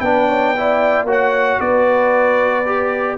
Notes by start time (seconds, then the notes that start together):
0.00 B3 D4 B4 G5
0.28 C#5
0.56 E4 D5
1.04 A#3 F#4 C#5
1.11 F#5
1.60 B3 B4 D5
2.65 G4